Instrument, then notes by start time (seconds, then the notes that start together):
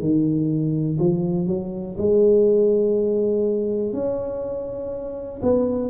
tuba
0.00 D#3
0.99 F3
1.47 F#3
1.98 G#3
3.93 C#4
5.43 B3